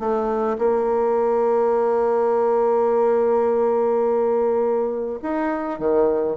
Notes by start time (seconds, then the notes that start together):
0.00 A3
0.58 A#3
5.23 D#4
5.80 D#3